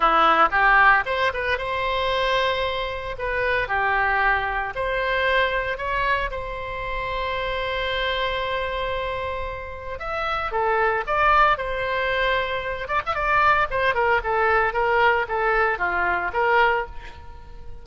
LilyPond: \new Staff \with { instrumentName = "oboe" } { \time 4/4 \tempo 4 = 114 e'4 g'4 c''8 b'8 c''4~ | c''2 b'4 g'4~ | g'4 c''2 cis''4 | c''1~ |
c''2. e''4 | a'4 d''4 c''2~ | c''8 d''16 e''16 d''4 c''8 ais'8 a'4 | ais'4 a'4 f'4 ais'4 | }